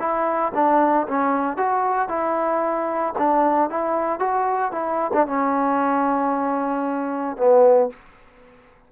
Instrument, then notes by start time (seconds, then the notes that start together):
trombone
0.00 E4
0.55 D4
1.08 C#4
1.57 F#4
2.09 E4
3.18 D4
3.70 E4
4.20 F#4
4.72 E4
5.14 D4
5.27 C#4
7.37 B3